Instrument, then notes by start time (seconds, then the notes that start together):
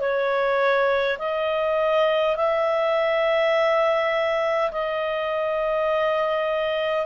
clarinet
0.00 C#5
1.19 D#5
2.36 E5
4.72 D#5